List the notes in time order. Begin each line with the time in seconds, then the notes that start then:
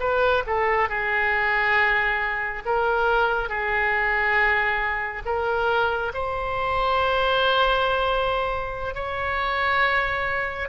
0.00 B4
0.47 A4
0.89 G#4
2.66 A#4
3.49 G#4
5.26 A#4
6.14 C5
8.95 C#5